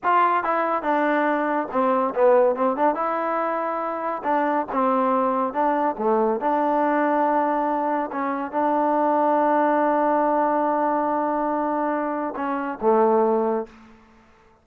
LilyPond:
\new Staff \with { instrumentName = "trombone" } { \time 4/4 \tempo 4 = 141 f'4 e'4 d'2 | c'4 b4 c'8 d'8 e'4~ | e'2 d'4 c'4~ | c'4 d'4 a4 d'4~ |
d'2. cis'4 | d'1~ | d'1~ | d'4 cis'4 a2 | }